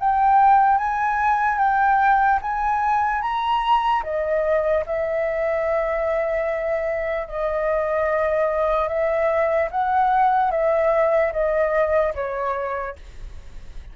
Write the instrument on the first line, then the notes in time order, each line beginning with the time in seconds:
flute
0.00 G5
0.78 G#5
1.59 G5
2.42 G#5
3.22 A#5
4.04 D#5
4.86 E5
7.28 D#5
8.89 E5
9.71 F#5
10.51 E5
11.33 D#5
12.15 C#5